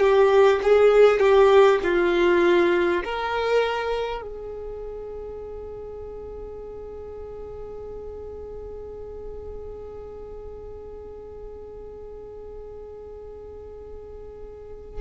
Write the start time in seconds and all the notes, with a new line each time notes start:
0.00 G4
0.63 G#4
1.20 G4
1.83 F4
3.04 A#4
4.22 G#4